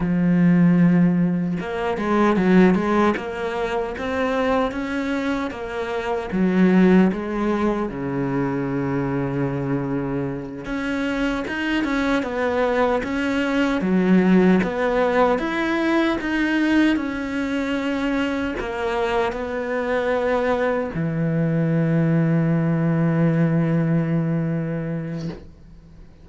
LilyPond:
\new Staff \with { instrumentName = "cello" } { \time 4/4 \tempo 4 = 76 f2 ais8 gis8 fis8 gis8 | ais4 c'4 cis'4 ais4 | fis4 gis4 cis2~ | cis4. cis'4 dis'8 cis'8 b8~ |
b8 cis'4 fis4 b4 e'8~ | e'8 dis'4 cis'2 ais8~ | ais8 b2 e4.~ | e1 | }